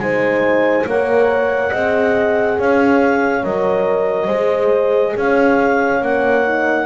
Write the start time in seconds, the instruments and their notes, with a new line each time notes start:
0.00 double bass G#3, horn D#4 C5, clarinet G#5
0.86 double bass A#3, horn A#4 C#5, clarinet F#5
1.71 double bass C4, horn G#4 D#5
2.58 double bass C#4, horn C#5, clarinet F5
3.44 double bass F#3, horn A#4, clarinet D#5
4.26 double bass G#3, horn G#4 C5
5.16 double bass C#4, horn C#5, clarinet F5
6.02 double bass A#3, horn C#4, clarinet F#5
6.45 horn D#4